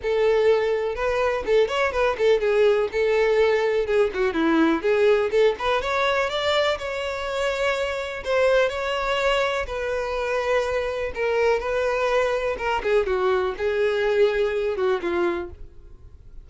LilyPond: \new Staff \with { instrumentName = "violin" } { \time 4/4 \tempo 4 = 124 a'2 b'4 a'8 cis''8 | b'8 a'8 gis'4 a'2 | gis'8 fis'8 e'4 gis'4 a'8 b'8 | cis''4 d''4 cis''2~ |
cis''4 c''4 cis''2 | b'2. ais'4 | b'2 ais'8 gis'8 fis'4 | gis'2~ gis'8 fis'8 f'4 | }